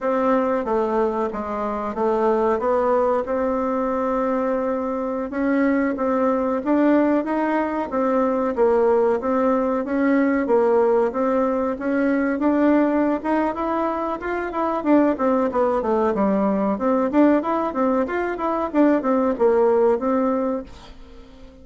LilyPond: \new Staff \with { instrumentName = "bassoon" } { \time 4/4 \tempo 4 = 93 c'4 a4 gis4 a4 | b4 c'2.~ | c'16 cis'4 c'4 d'4 dis'8.~ | dis'16 c'4 ais4 c'4 cis'8.~ |
cis'16 ais4 c'4 cis'4 d'8.~ | d'8 dis'8 e'4 f'8 e'8 d'8 c'8 | b8 a8 g4 c'8 d'8 e'8 c'8 | f'8 e'8 d'8 c'8 ais4 c'4 | }